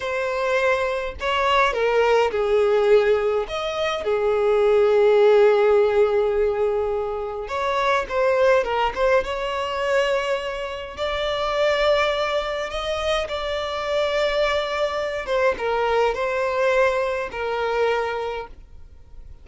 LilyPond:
\new Staff \with { instrumentName = "violin" } { \time 4/4 \tempo 4 = 104 c''2 cis''4 ais'4 | gis'2 dis''4 gis'4~ | gis'1~ | gis'4 cis''4 c''4 ais'8 c''8 |
cis''2. d''4~ | d''2 dis''4 d''4~ | d''2~ d''8 c''8 ais'4 | c''2 ais'2 | }